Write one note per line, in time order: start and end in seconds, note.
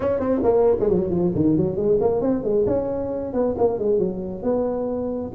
0.00 0.19 C#4
0.19 0.41 C4
0.43 0.76 A#3
0.79 0.89 G#3
0.89 1.09 F#3
1.09 1.32 F3
1.34 1.56 D#3
1.56 1.76 F#3
1.76 1.98 G#3
2.00 2.21 A#3
2.21 2.43 C4
2.43 2.65 G#3
2.66 3.33 C#4
3.33 3.55 B3
3.58 3.78 A#3
3.78 3.98 G#3
3.98 4.42 F#3
4.42 5.31 B3